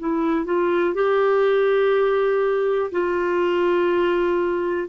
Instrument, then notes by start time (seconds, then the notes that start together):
clarinet
0.00 E4
0.46 F4
0.95 G4
2.92 F4